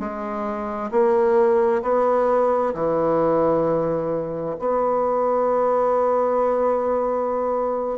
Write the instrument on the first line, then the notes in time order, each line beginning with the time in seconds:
bassoon
0.00 G#3
0.91 A#3
1.83 B3
2.74 E3
4.60 B3